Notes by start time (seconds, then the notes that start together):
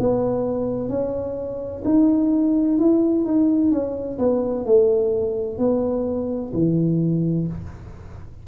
0.00 B3
0.89 C#4
1.85 D#4
2.79 E4
3.26 D#4
3.72 C#4
4.19 B3
4.66 A3
5.59 B3
6.54 E3